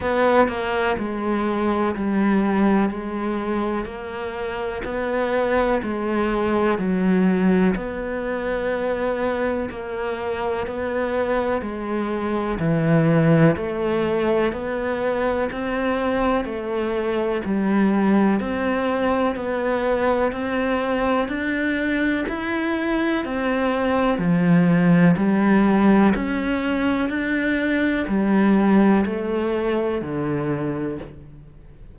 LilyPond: \new Staff \with { instrumentName = "cello" } { \time 4/4 \tempo 4 = 62 b8 ais8 gis4 g4 gis4 | ais4 b4 gis4 fis4 | b2 ais4 b4 | gis4 e4 a4 b4 |
c'4 a4 g4 c'4 | b4 c'4 d'4 e'4 | c'4 f4 g4 cis'4 | d'4 g4 a4 d4 | }